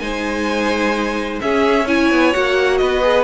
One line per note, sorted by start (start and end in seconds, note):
0.00 1.40 G#3
0.00 1.41 D#4
0.00 1.43 C5
0.00 1.40 G#5
1.42 1.88 C#4
1.42 2.12 C#4
1.42 1.86 G#4
1.42 1.88 E5
1.86 2.33 E4
1.86 2.79 C#5
1.86 2.34 G#5
2.12 2.35 B3
2.33 2.81 A#3
2.33 3.03 F#4
2.33 2.78 F#5
2.78 3.25 B3
2.78 3.25 B4
2.78 3.24 D#5
3.03 3.25 G#4